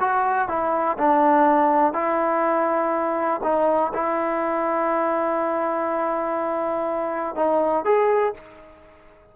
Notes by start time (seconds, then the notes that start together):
0.00 F#4
0.48 E4
0.98 D4
1.93 E4
3.44 D#4
3.94 E4
7.36 D#4
7.85 G#4